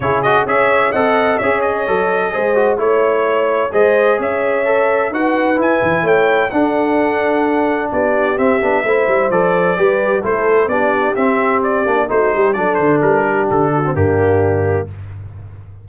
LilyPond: <<
  \new Staff \with { instrumentName = "trumpet" } { \time 4/4 \tempo 4 = 129 cis''8 dis''8 e''4 fis''4 e''8 dis''8~ | dis''2 cis''2 | dis''4 e''2 fis''4 | gis''4 g''4 fis''2~ |
fis''4 d''4 e''2 | d''2 c''4 d''4 | e''4 d''4 c''4 d''8 c''8 | ais'4 a'4 g'2 | }
  \new Staff \with { instrumentName = "horn" } { \time 4/4 gis'4 cis''4 dis''4 cis''4~ | cis''4 c''4 cis''2 | c''4 cis''2 b'4~ | b'4 cis''4 a'2~ |
a'4 g'2 c''4~ | c''4 b'4 a'4 g'4~ | g'2 fis'8 g'8 a'4~ | a'8 g'4 fis'8 d'2 | }
  \new Staff \with { instrumentName = "trombone" } { \time 4/4 e'8 fis'8 gis'4 a'4 gis'4 | a'4 gis'8 fis'8 e'2 | gis'2 a'4 fis'4 | e'2 d'2~ |
d'2 c'8 d'8 e'4 | a'4 g'4 e'4 d'4 | c'4. d'8 dis'4 d'4~ | d'4.~ d'16 c'16 ais2 | }
  \new Staff \with { instrumentName = "tuba" } { \time 4/4 cis4 cis'4 c'4 cis'4 | fis4 gis4 a2 | gis4 cis'2 dis'4 | e'8 e8 a4 d'2~ |
d'4 b4 c'8 b8 a8 g8 | f4 g4 a4 b4 | c'4. ais8 a8 g8 fis8 d8 | g4 d4 g,2 | }
>>